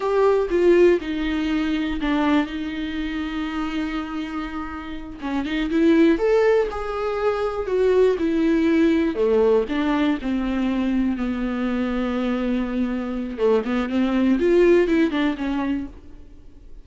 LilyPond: \new Staff \with { instrumentName = "viola" } { \time 4/4 \tempo 4 = 121 g'4 f'4 dis'2 | d'4 dis'2.~ | dis'2~ dis'8 cis'8 dis'8 e'8~ | e'8 a'4 gis'2 fis'8~ |
fis'8 e'2 a4 d'8~ | d'8 c'2 b4.~ | b2. a8 b8 | c'4 f'4 e'8 d'8 cis'4 | }